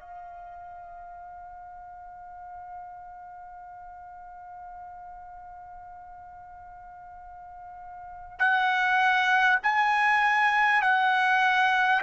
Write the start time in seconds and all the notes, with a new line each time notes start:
0.00 F5
8.39 F#5
9.63 G#5
10.82 F#5